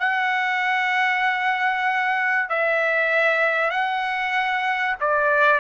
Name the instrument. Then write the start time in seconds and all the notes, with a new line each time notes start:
trumpet
0.00 F#5
2.50 E5
3.71 F#5
5.01 D5